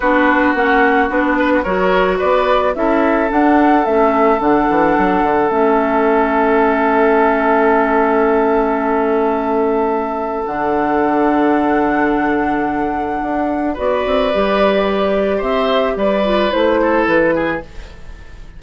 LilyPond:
<<
  \new Staff \with { instrumentName = "flute" } { \time 4/4 \tempo 4 = 109 b'4 fis''4 b'4 cis''4 | d''4 e''4 fis''4 e''4 | fis''2 e''2~ | e''1~ |
e''2. fis''4~ | fis''1~ | fis''4 d''2. | e''4 d''4 c''4 b'4 | }
  \new Staff \with { instrumentName = "oboe" } { \time 4/4 fis'2~ fis'8 b'16 fis'16 ais'4 | b'4 a'2.~ | a'1~ | a'1~ |
a'1~ | a'1~ | a'4 b'2. | c''4 b'4. a'4 gis'8 | }
  \new Staff \with { instrumentName = "clarinet" } { \time 4/4 d'4 cis'4 d'4 fis'4~ | fis'4 e'4 d'4 cis'4 | d'2 cis'2~ | cis'1~ |
cis'2. d'4~ | d'1~ | d'4 fis'4 g'2~ | g'4. f'8 e'2 | }
  \new Staff \with { instrumentName = "bassoon" } { \time 4/4 b4 ais4 b4 fis4 | b4 cis'4 d'4 a4 | d8 e8 fis8 d8 a2~ | a1~ |
a2. d4~ | d1 | d'4 b8 c'8 g2 | c'4 g4 a4 e4 | }
>>